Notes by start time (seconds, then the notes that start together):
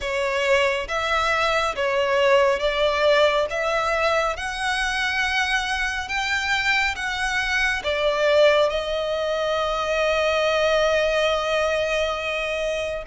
0.00 C#5
0.88 E5
1.75 C#5
2.59 D5
3.49 E5
4.36 F#5
6.08 G5
6.95 F#5
7.83 D5
8.69 D#5